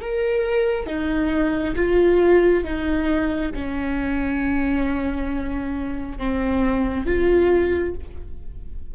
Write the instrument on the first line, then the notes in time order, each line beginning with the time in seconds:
viola
0.00 A#4
0.86 D#4
1.76 F4
2.64 D#4
3.55 C#4
6.18 C4
7.06 F4